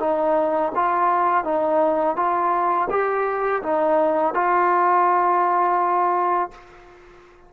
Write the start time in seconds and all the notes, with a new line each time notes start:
0.00 D#4
0.75 F4
1.45 D#4
2.16 F4
2.90 G4
3.63 D#4
4.34 F4